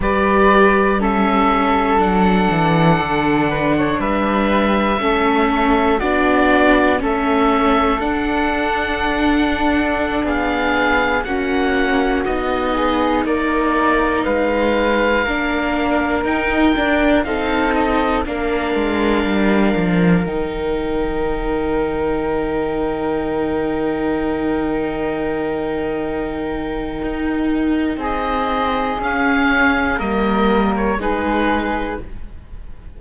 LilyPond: <<
  \new Staff \with { instrumentName = "oboe" } { \time 4/4 \tempo 4 = 60 d''4 e''4 fis''2 | e''2 d''4 e''4 | fis''2~ fis''16 f''4 fis''8.~ | fis''16 dis''4 d''4 f''4.~ f''16~ |
f''16 g''4 f''8 dis''8 f''4.~ f''16~ | f''16 g''2.~ g''8.~ | g''1 | dis''4 f''4 dis''8. cis''16 b'4 | }
  \new Staff \with { instrumentName = "flute" } { \time 4/4 b'4 a'2~ a'8 b'16 cis''16 | b'4 a'4 fis'4 a'4~ | a'2~ a'16 gis'4 fis'8.~ | fis'8. gis'8 ais'4 b'4 ais'8.~ |
ais'4~ ais'16 a'4 ais'4.~ ais'16~ | ais'1~ | ais'1 | gis'2 ais'4 gis'4 | }
  \new Staff \with { instrumentName = "viola" } { \time 4/4 g'4 cis'4 d'2~ | d'4 cis'4 d'4 cis'4 | d'2.~ d'16 cis'8.~ | cis'16 dis'2. d'8.~ |
d'16 dis'8 d'8 dis'4 d'4.~ d'16~ | d'16 dis'2.~ dis'8.~ | dis'1~ | dis'4 cis'4 ais4 dis'4 | }
  \new Staff \with { instrumentName = "cello" } { \time 4/4 g2 fis8 e8 d4 | g4 a4 b4 a4 | d'2~ d'16 b4 ais8.~ | ais16 b4 ais4 gis4 ais8.~ |
ais16 dis'8 d'8 c'4 ais8 gis8 g8 f16~ | f16 dis2.~ dis8.~ | dis2. dis'4 | c'4 cis'4 g4 gis4 | }
>>